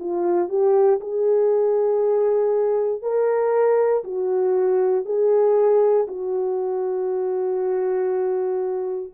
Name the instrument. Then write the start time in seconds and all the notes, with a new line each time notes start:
horn
0.00 F4
0.49 G4
1.01 G#4
3.02 A#4
4.04 F#4
5.05 G#4
6.08 F#4